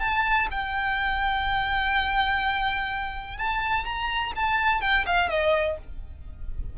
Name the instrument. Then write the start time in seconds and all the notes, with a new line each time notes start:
violin
0.00 A5
0.51 G5
3.38 A5
3.85 A#5
4.35 A5
4.81 G5
5.06 F5
5.29 D#5